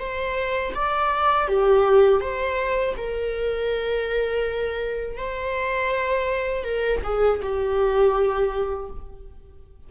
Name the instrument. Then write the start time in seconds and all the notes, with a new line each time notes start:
viola
0.00 C5
0.75 D5
1.48 G4
2.21 C5
2.97 A#4
5.18 C5
6.65 A#4
7.04 G#4
7.42 G4